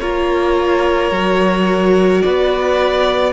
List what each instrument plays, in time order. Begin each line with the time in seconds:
0.00 cello A#3, viola F4, violin A#4 C#5
1.11 cello F#3, viola F#4
2.22 cello B3, violin B4 D5